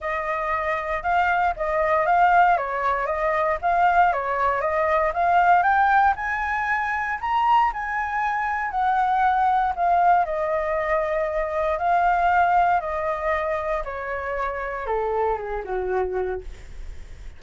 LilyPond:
\new Staff \with { instrumentName = "flute" } { \time 4/4 \tempo 4 = 117 dis''2 f''4 dis''4 | f''4 cis''4 dis''4 f''4 | cis''4 dis''4 f''4 g''4 | gis''2 ais''4 gis''4~ |
gis''4 fis''2 f''4 | dis''2. f''4~ | f''4 dis''2 cis''4~ | cis''4 a'4 gis'8 fis'4. | }